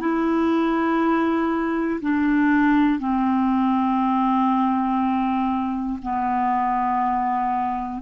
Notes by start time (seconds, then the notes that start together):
0.00 E4
2.00 D4
2.99 C4
6.02 B3